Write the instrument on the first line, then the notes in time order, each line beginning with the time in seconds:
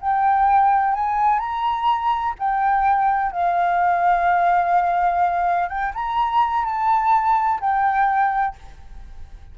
flute
0.00 G5
0.94 G#5
1.39 A#5
2.38 G5
3.32 F5
5.68 G5
5.94 A#5
6.65 A5
7.60 G5